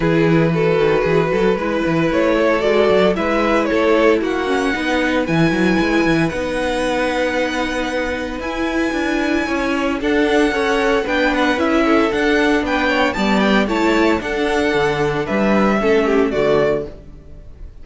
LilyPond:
<<
  \new Staff \with { instrumentName = "violin" } { \time 4/4 \tempo 4 = 114 b'1 | cis''4 d''4 e''4 cis''4 | fis''2 gis''2 | fis''1 |
gis''2. fis''4~ | fis''4 g''8 fis''8 e''4 fis''4 | g''4 a''8 g''8 a''4 fis''4~ | fis''4 e''2 d''4 | }
  \new Staff \with { instrumentName = "violin" } { \time 4/4 gis'4 a'4 gis'8 a'8 b'4~ | b'8 a'4. b'4 a'4 | fis'4 b'2.~ | b'1~ |
b'2 cis''4 a'4 | cis''4 b'4. a'4. | b'8 cis''8 d''4 cis''4 a'4~ | a'4 b'4 a'8 g'8 fis'4 | }
  \new Staff \with { instrumentName = "viola" } { \time 4/4 e'4 fis'2 e'4~ | e'4 fis'4 e'2~ | e'8 cis'8 dis'4 e'2 | dis'1 |
e'2. d'4 | a'4 d'4 e'4 d'4~ | d'4 b4 e'4 d'4~ | d'2 cis'4 a4 | }
  \new Staff \with { instrumentName = "cello" } { \time 4/4 e4. dis8 e8 fis8 gis8 e8 | a4 gis8 fis8 gis4 a4 | ais4 b4 e8 fis8 gis8 e8 | b1 |
e'4 d'4 cis'4 d'4 | cis'4 b4 cis'4 d'4 | b4 g4 a4 d'4 | d4 g4 a4 d4 | }
>>